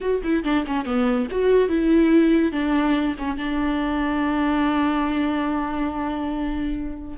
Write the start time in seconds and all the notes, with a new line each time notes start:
0.01 F#4
0.23 E4
0.44 D4
0.66 C#4
0.85 B3
1.30 F#4
1.68 E4
2.51 D4
3.18 C#4
3.37 D4